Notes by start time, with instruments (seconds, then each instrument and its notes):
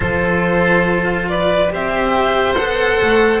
0.00 double bass F3, cello F4, oboe A4, violin C5
1.28 oboe B4, violin D5
1.69 double bass C4, cello G4, oboe C5, violin E5
2.55 double bass B3, cello A4, violin F#5
3.02 double bass A3